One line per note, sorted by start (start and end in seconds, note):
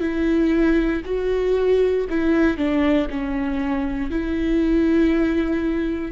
0.00 1.02 E4
1.05 2.07 F#4
2.09 2.57 E4
2.57 3.08 D4
3.10 4.10 C#4
4.10 6.12 E4